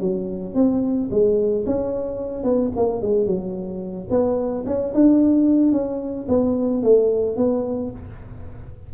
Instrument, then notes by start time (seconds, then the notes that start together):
tuba
0.00 F#3
0.54 C4
1.11 G#3
1.66 C#4
2.43 B3
2.76 A#3
3.01 G#3
3.26 F#3
4.10 B3
4.66 C#4
4.94 D4
5.72 C#4
6.28 B3
6.83 A3
7.36 B3